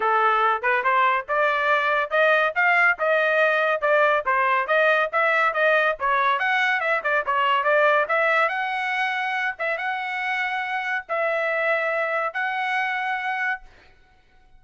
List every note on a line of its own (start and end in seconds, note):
0.00 0.62 A4
0.62 0.83 B4
0.83 1.26 C5
1.28 2.10 D5
2.10 2.53 D#5
2.55 2.97 F5
2.98 3.81 D#5
3.81 4.23 D5
4.25 4.67 C5
4.67 5.09 D#5
5.12 5.53 E5
5.53 5.96 D#5
5.99 6.39 C#5
6.39 6.80 F#5
6.80 7.01 E5
7.03 7.24 D5
7.26 7.63 C#5
7.63 8.06 D5
8.08 8.48 E5
8.48 9.55 F#5
9.58 9.77 E5
9.77 11.05 F#5
11.09 12.33 E5
12.33 13.61 F#5